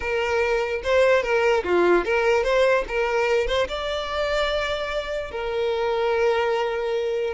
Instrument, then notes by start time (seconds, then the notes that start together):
violin
0.00 A#4
0.83 C5
1.22 A#4
1.63 F4
2.04 A#4
2.43 C5
2.88 A#4
3.47 C5
3.68 D5
5.31 A#4